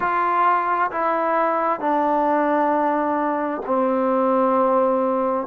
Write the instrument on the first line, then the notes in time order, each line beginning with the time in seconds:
trombone
0.00 F4
0.91 E4
1.79 D4
3.66 C4